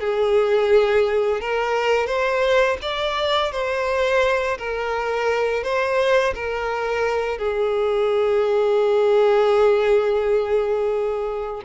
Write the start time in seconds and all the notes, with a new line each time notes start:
0.00 G#4
1.41 A#4
2.07 C5
2.82 D5
3.52 C5
4.59 A#4
5.64 C5
6.35 A#4
7.38 G#4